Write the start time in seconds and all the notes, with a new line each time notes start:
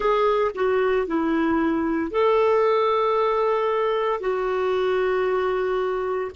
0.00 G#4
0.55 F#4
1.07 E4
2.11 A4
4.20 F#4